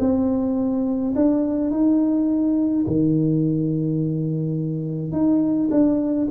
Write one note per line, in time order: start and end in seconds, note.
0.00 1.14 C4
1.16 1.71 D4
1.71 2.85 D#4
2.87 5.12 D#3
5.12 5.69 D#4
5.71 6.28 D4